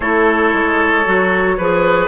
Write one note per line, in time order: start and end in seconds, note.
0.00 0.53 A3
0.00 1.05 E4
0.00 1.57 A4
0.00 2.07 C#5
0.53 1.05 G#3
1.05 1.58 F#3
1.05 1.57 F#4
1.57 2.08 F3
1.57 2.08 G#4
1.57 2.08 B4